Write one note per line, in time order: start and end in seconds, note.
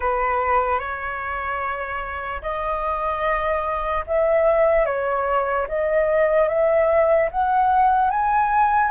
0.00 0.79 B4
0.79 2.41 C#5
2.42 4.04 D#5
4.07 4.85 E5
4.85 5.66 C#5
5.68 6.48 D#5
6.48 7.29 E5
7.31 8.10 F#5
8.10 8.91 G#5